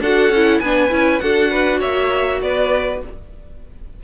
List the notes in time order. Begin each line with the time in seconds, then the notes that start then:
0.00 D4 F#4 A4 F#5
0.29 C#4 E4
0.59 B3 D4 B4 G#5
0.90 C#4 E4
1.19 D4 F#4 A4 F#5
1.51 B4
1.79 A#3 C#5 E5
2.41 B3 B4 D5